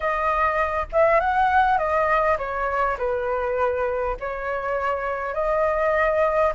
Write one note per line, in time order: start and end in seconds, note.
0.00 0.86 D#5
0.92 1.20 E5
1.20 1.77 F#5
1.77 2.37 D#5
2.38 2.97 C#5
2.97 4.16 B4
4.20 5.33 C#5
5.33 6.52 D#5